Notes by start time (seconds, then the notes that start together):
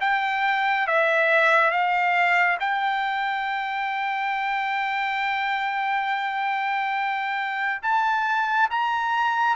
0.00 G5
0.87 E5
1.71 F5
2.60 G5
7.82 A5
8.70 A#5